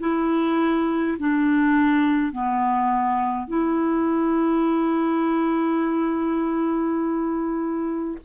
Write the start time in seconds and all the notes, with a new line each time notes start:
0.00 E4
1.19 D4
2.32 B3
3.48 E4